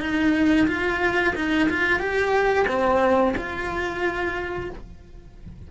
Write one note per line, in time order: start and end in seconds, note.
0.00 0.67 D#4
0.67 1.34 F4
1.35 1.68 D#4
1.69 1.99 F4
1.99 2.66 G4
2.68 3.34 C4
3.36 4.70 F4